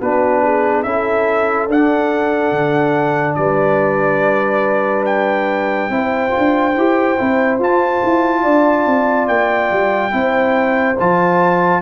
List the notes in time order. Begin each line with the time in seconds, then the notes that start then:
0.00 B3 D4 F#4 B4
0.42 G#4
0.83 C#4 E4 A4 E5
1.68 D4 F#5
2.52 D3
3.35 G3 B4 D5
5.05 G5
5.89 C4 E4 C5
6.30 F4
6.38 D4
6.76 E4 G4
7.18 C4 E4
7.59 F4 A5
8.04 E4
8.42 D4 D5
8.87 C4
9.27 A#3 G5
9.71 G3
10.11 C4 E4 C5
10.99 F3 F4 A5